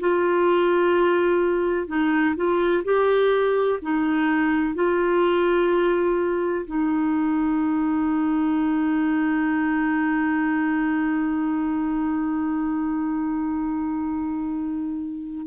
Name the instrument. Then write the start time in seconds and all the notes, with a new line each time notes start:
clarinet
0.00 F4
1.88 D#4
2.36 F4
2.85 G4
3.82 D#4
4.75 F4
6.67 D#4